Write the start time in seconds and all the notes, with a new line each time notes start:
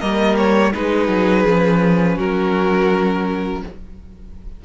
0.00 G3 A#3 A#4 D#5
0.37 C#5
0.73 G#3 D#4 G#4 B4
1.08 F#3
1.45 F3 C#4
2.16 F#3 F#4 A#4